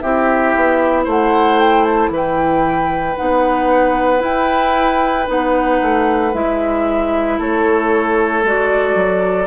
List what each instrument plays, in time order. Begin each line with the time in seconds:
0.00 bassoon C4, clarinet E4, oboe G4, flute E5
0.56 bassoon B3
1.05 bassoon A3, oboe C5, flute F#5
1.60 flute G5
1.84 flute A5
2.10 bassoon E3, oboe B4
2.16 flute G5
3.17 bassoon B3, clarinet D#4, flute F#5
4.20 clarinet E4, bassoon E4, flute G5
5.27 bassoon B3, clarinet D#4, flute F#5
5.82 bassoon A3
6.33 bassoon G#3, clarinet E4, flute E5
7.39 bassoon A3, oboe A4, flute C#5
8.44 bassoon G#3, clarinet F#4, flute D5
8.95 bassoon F#3